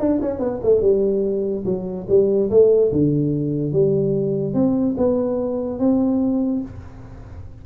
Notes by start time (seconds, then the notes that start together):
0.00 D4
0.22 C#4
0.40 B3
0.63 A3
0.82 G3
1.66 F#3
2.09 G3
2.51 A3
2.92 D3
3.73 G3
4.54 C4
4.97 B3
5.79 C4